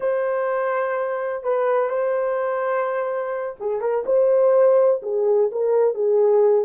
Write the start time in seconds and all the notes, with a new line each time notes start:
0.00 C5
1.43 B4
1.89 C5
3.60 G#4
3.80 A#4
4.06 C5
5.02 G#4
5.51 A#4
5.94 G#4